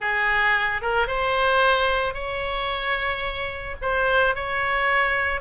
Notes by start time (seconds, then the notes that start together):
0.00 G#4
0.81 A#4
1.07 C5
2.14 C#5
3.81 C5
4.35 C#5